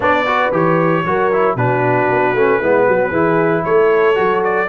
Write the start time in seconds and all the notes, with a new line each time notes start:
0.00 B3 D4 C#5 D5
0.26 F#4 B4
0.51 E3 G4 C#5
1.04 F#3 F#4 A#4
1.32 E4
1.55 B2 D4 F#4 B4
2.10 B3
2.33 A3 C#4
2.59 G#3 B3 E4
2.87 F#3 F#4
3.11 E3 E4 G#4
3.64 A3 A4 C#5
4.14 F#3 F#4
4.43 D5